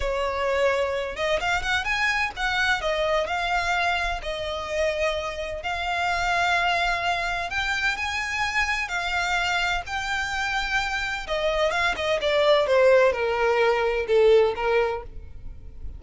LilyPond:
\new Staff \with { instrumentName = "violin" } { \time 4/4 \tempo 4 = 128 cis''2~ cis''8 dis''8 f''8 fis''8 | gis''4 fis''4 dis''4 f''4~ | f''4 dis''2. | f''1 |
g''4 gis''2 f''4~ | f''4 g''2. | dis''4 f''8 dis''8 d''4 c''4 | ais'2 a'4 ais'4 | }